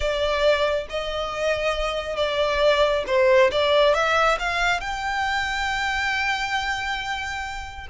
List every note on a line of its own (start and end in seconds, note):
0.00 0.87 D5
0.89 2.16 D#5
2.16 3.04 D5
3.07 3.50 C5
3.51 3.94 D5
3.94 4.38 E5
4.39 4.80 F5
4.80 7.87 G5